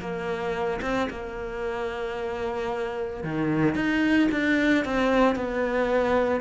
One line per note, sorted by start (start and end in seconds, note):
0.00 0.80 A#3
0.81 1.08 C4
1.10 3.23 A#3
3.23 3.75 D#3
3.75 4.29 D#4
4.31 4.85 D4
4.85 5.36 C4
5.36 6.40 B3